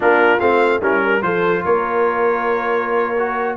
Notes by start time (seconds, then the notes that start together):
0.00 A#3 D4 F4 A#4
0.39 A3 C4 F5
0.81 G3 C#4 E4 A#4
1.02 A#4
1.22 F3 F4 A4 C5
1.64 A#3 A#4 C#5
3.18 F#4